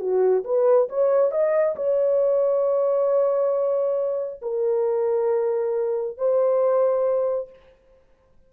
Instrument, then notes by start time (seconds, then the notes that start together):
horn
0.00 F#4
0.44 B4
0.89 C#5
1.31 D#5
1.76 C#5
4.42 A#4
6.17 C5